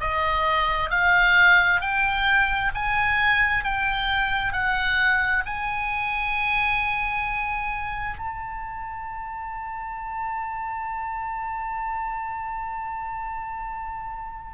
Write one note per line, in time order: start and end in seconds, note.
0.00 0.90 D#5
0.90 1.81 F5
1.81 2.72 G5
2.75 3.64 G#5
3.64 4.53 G5
4.53 5.44 F#5
5.46 8.18 G#5
8.18 14.54 A5